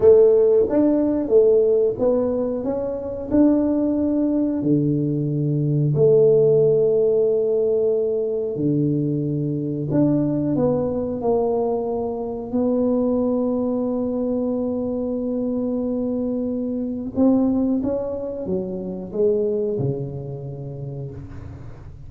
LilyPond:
\new Staff \with { instrumentName = "tuba" } { \time 4/4 \tempo 4 = 91 a4 d'4 a4 b4 | cis'4 d'2 d4~ | d4 a2.~ | a4 d2 d'4 |
b4 ais2 b4~ | b1~ | b2 c'4 cis'4 | fis4 gis4 cis2 | }